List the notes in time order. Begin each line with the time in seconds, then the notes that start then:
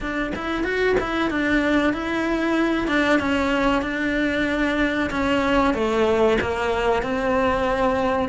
0.00 D4
0.35 E4
0.64 F#4
1.00 E4
1.30 D4
1.93 E4
2.87 D4
3.19 C#4
3.82 D4
5.10 C#4
5.73 A3
6.41 A#3
7.02 C4